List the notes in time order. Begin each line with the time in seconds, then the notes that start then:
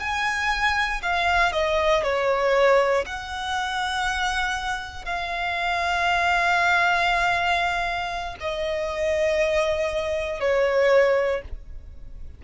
0.00 G#5
1.03 F5
1.53 D#5
2.03 C#5
3.06 F#5
5.06 F5
8.41 D#5
10.41 C#5